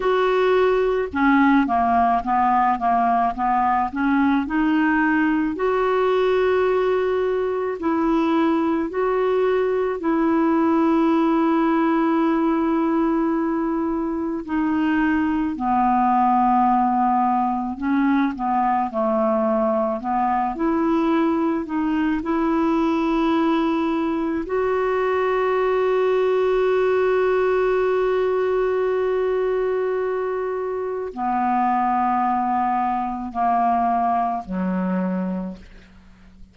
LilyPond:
\new Staff \with { instrumentName = "clarinet" } { \time 4/4 \tempo 4 = 54 fis'4 cis'8 ais8 b8 ais8 b8 cis'8 | dis'4 fis'2 e'4 | fis'4 e'2.~ | e'4 dis'4 b2 |
cis'8 b8 a4 b8 e'4 dis'8 | e'2 fis'2~ | fis'1 | b2 ais4 fis4 | }